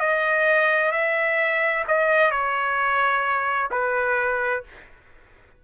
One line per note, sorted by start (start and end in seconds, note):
0.00 0.92 D#5
0.92 1.84 E5
1.88 2.31 D#5
2.31 3.69 C#5
3.71 4.63 B4